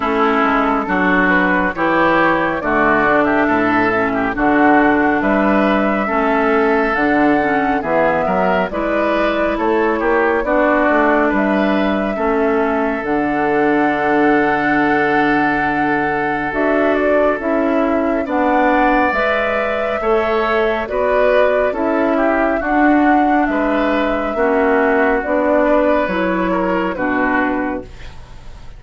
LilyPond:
<<
  \new Staff \with { instrumentName = "flute" } { \time 4/4 \tempo 4 = 69 a'4. b'8 cis''4 d''8. e''16~ | e''4 fis''4 e''2 | fis''4 e''4 d''4 cis''4 | d''4 e''2 fis''4~ |
fis''2. e''8 d''8 | e''4 fis''4 e''2 | d''4 e''4 fis''4 e''4~ | e''4 d''4 cis''4 b'4 | }
  \new Staff \with { instrumentName = "oboe" } { \time 4/4 e'4 fis'4 g'4 fis'8. g'16 | a'8. g'16 fis'4 b'4 a'4~ | a'4 gis'8 ais'8 b'4 a'8 g'8 | fis'4 b'4 a'2~ |
a'1~ | a'4 d''2 cis''4 | b'4 a'8 g'8 fis'4 b'4 | fis'4. b'4 ais'8 fis'4 | }
  \new Staff \with { instrumentName = "clarinet" } { \time 4/4 cis'4 d'4 e'4 a8 d'8~ | d'8 cis'8 d'2 cis'4 | d'8 cis'8 b4 e'2 | d'2 cis'4 d'4~ |
d'2. fis'4 | e'4 d'4 b'4 a'4 | fis'4 e'4 d'2 | cis'4 d'4 e'4 d'4 | }
  \new Staff \with { instrumentName = "bassoon" } { \time 4/4 a8 gis8 fis4 e4 d4 | a,4 d4 g4 a4 | d4 e8 fis8 gis4 a8 ais8 | b8 a8 g4 a4 d4~ |
d2. d'4 | cis'4 b4 gis4 a4 | b4 cis'4 d'4 gis4 | ais4 b4 fis4 b,4 | }
>>